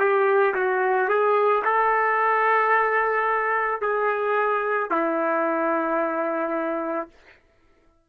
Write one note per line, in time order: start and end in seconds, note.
0.00 0.55 G4
0.55 1.09 F#4
1.09 1.64 G#4
1.65 3.82 A4
3.82 4.91 G#4
4.91 7.09 E4